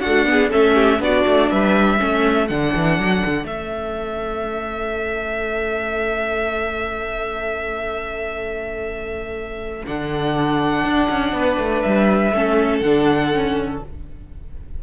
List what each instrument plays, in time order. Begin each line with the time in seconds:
0.00 viola A3, cello D4, violin F#4 F#5
0.26 viola B3, violin G#4
0.51 cello A3, viola C#4, violin A4 E5
0.75 violin G4
0.99 cello B3, viola D4, violin F#4 D5
1.26 cello A3
1.50 cello G3, violin B4 E5
1.97 cello A3, viola C#4, violin A4
2.47 cello D3, viola D4, violin F#5
2.75 cello E3
2.98 cello F#3
3.26 cello D3
3.44 cello A3, viola C#4, violin E5
9.86 cello D3, viola D4, violin F#5
10.84 cello D4
11.10 cello C#4
11.32 cello B3, violin B4
11.58 cello A3
11.82 cello G3, violin E5
12.32 cello A3, viola C#4, violin A4
12.79 cello D3, viola D4, violin F#5
13.34 viola C#4